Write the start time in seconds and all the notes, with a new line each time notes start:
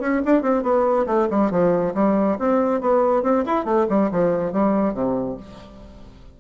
0.00 C#4
0.25 D4
0.42 C4
0.63 B3
1.06 A3
1.30 G3
1.51 F3
1.95 G3
2.39 C4
2.81 B3
3.23 C4
3.46 E4
3.65 A3
3.89 G3
4.11 F3
4.52 G3
4.94 C3